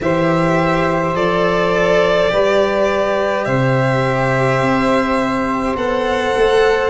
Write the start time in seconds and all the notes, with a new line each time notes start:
0.00 E3 G4 C5 E5
1.14 F3 A4 D5
2.29 G3 G4 B4
3.45 C3 C5 E5
4.61 C4
5.75 B3 A4 F#5
6.36 A3